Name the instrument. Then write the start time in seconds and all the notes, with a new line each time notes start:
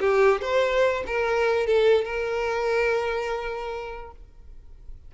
violin
0.00 G4
0.42 C5
1.07 A#4
1.67 A4
2.05 A#4